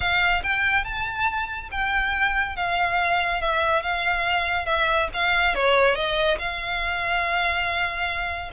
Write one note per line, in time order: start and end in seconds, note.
0.00 0.42 F5
0.43 0.84 G5
0.84 1.69 A5
1.71 2.56 G5
2.56 3.41 F5
3.41 3.82 E5
3.82 4.65 F5
4.65 5.08 E5
5.13 5.54 F5
5.54 5.95 C#5
5.95 6.37 D#5
6.38 8.51 F5